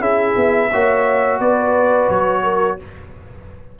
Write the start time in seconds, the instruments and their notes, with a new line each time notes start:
0.00 tuba C#4, trombone E4, horn G#4, trumpet E5
0.36 tuba B3
0.72 tuba A#3, trombone F#4, horn C#5
1.39 tuba B3, horn B4, trumpet D5
2.09 tuba F#3, trumpet C#5
2.43 horn A#4